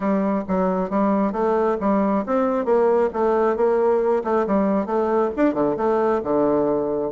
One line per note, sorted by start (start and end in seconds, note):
0.00 0.43 G3
0.48 0.90 F#3
0.90 1.32 G3
1.32 1.76 A3
1.80 2.24 G3
2.26 2.65 C4
2.65 3.09 A#3
3.13 3.56 A3
3.56 4.23 A#3
4.23 4.46 A3
4.46 4.86 G3
4.86 5.30 A3
5.36 5.54 D4
5.54 5.76 D3
5.76 6.21 A3
6.23 7.11 D3